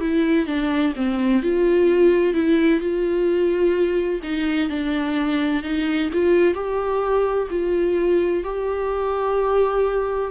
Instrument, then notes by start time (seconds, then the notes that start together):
viola
0.00 E4
0.46 D4
0.96 C4
1.43 F4
2.34 E4
2.80 F4
4.23 D#4
4.69 D4
5.62 D#4
6.13 F4
6.54 G4
7.50 F4
8.44 G4